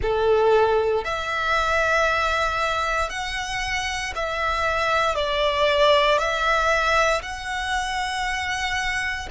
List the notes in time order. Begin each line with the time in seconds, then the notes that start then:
0.01 A4
1.04 E5
3.09 F#5
4.15 E5
5.15 D5
6.18 E5
7.21 F#5